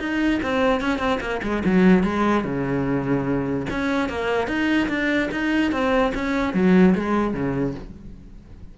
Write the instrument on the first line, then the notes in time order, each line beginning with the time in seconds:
cello
0.00 D#4
0.43 C4
0.81 C#4
0.99 C4
1.21 A#3
1.43 G#3
1.66 F#3
2.04 G#3
2.45 C#3
3.71 C#4
4.10 A#3
4.48 D#4
4.89 D4
5.32 D#4
5.72 C4
6.15 C#4
6.54 F#3
6.96 G#3
7.34 C#3